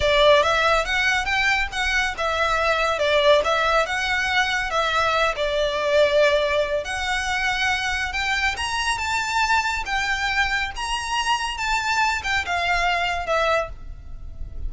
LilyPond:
\new Staff \with { instrumentName = "violin" } { \time 4/4 \tempo 4 = 140 d''4 e''4 fis''4 g''4 | fis''4 e''2 d''4 | e''4 fis''2 e''4~ | e''8 d''2.~ d''8 |
fis''2. g''4 | ais''4 a''2 g''4~ | g''4 ais''2 a''4~ | a''8 g''8 f''2 e''4 | }